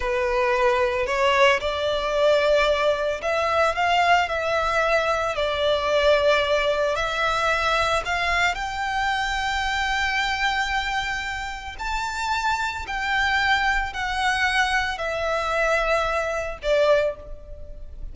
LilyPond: \new Staff \with { instrumentName = "violin" } { \time 4/4 \tempo 4 = 112 b'2 cis''4 d''4~ | d''2 e''4 f''4 | e''2 d''2~ | d''4 e''2 f''4 |
g''1~ | g''2 a''2 | g''2 fis''2 | e''2. d''4 | }